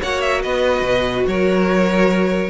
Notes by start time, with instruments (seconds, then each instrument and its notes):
0.00 cello A#3, viola F#4, violin C#5 F#5
0.21 violin E5
0.42 cello B3, violin B4 D#5
0.82 cello B2
1.27 cello F#3, violin A#4 C#5